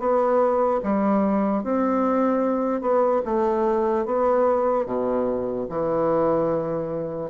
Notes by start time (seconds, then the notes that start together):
0.00 B3
0.84 G3
1.64 C4
2.82 B3
3.26 A3
4.06 B3
4.86 B2
5.70 E3